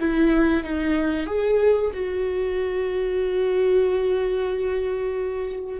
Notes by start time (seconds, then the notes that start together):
0.00 E4
0.63 D#4
1.26 G#4
1.93 F#4